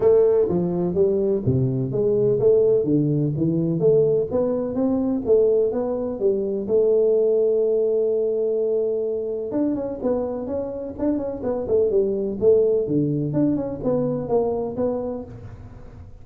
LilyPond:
\new Staff \with { instrumentName = "tuba" } { \time 4/4 \tempo 4 = 126 a4 f4 g4 c4 | gis4 a4 d4 e4 | a4 b4 c'4 a4 | b4 g4 a2~ |
a1 | d'8 cis'8 b4 cis'4 d'8 cis'8 | b8 a8 g4 a4 d4 | d'8 cis'8 b4 ais4 b4 | }